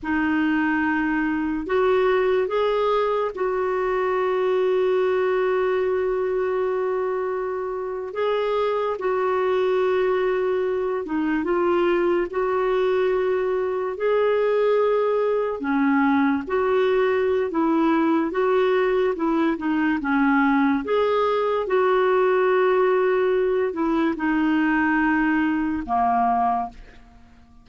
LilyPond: \new Staff \with { instrumentName = "clarinet" } { \time 4/4 \tempo 4 = 72 dis'2 fis'4 gis'4 | fis'1~ | fis'4.~ fis'16 gis'4 fis'4~ fis'16~ | fis'4~ fis'16 dis'8 f'4 fis'4~ fis'16~ |
fis'8. gis'2 cis'4 fis'16~ | fis'4 e'4 fis'4 e'8 dis'8 | cis'4 gis'4 fis'2~ | fis'8 e'8 dis'2 ais4 | }